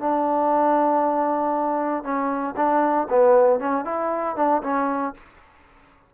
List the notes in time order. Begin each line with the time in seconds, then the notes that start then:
0.00 D4
2.04 C#4
2.56 D4
3.10 B3
3.60 C#4
3.85 E4
4.36 D4
4.63 C#4